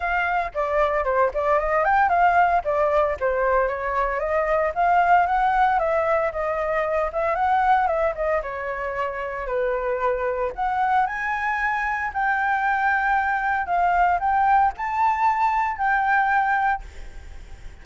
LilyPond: \new Staff \with { instrumentName = "flute" } { \time 4/4 \tempo 4 = 114 f''4 d''4 c''8 d''8 dis''8 g''8 | f''4 d''4 c''4 cis''4 | dis''4 f''4 fis''4 e''4 | dis''4. e''8 fis''4 e''8 dis''8 |
cis''2 b'2 | fis''4 gis''2 g''4~ | g''2 f''4 g''4 | a''2 g''2 | }